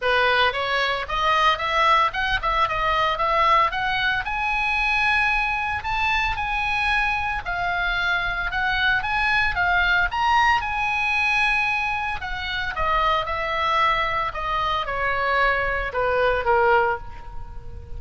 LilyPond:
\new Staff \with { instrumentName = "oboe" } { \time 4/4 \tempo 4 = 113 b'4 cis''4 dis''4 e''4 | fis''8 e''8 dis''4 e''4 fis''4 | gis''2. a''4 | gis''2 f''2 |
fis''4 gis''4 f''4 ais''4 | gis''2. fis''4 | dis''4 e''2 dis''4 | cis''2 b'4 ais'4 | }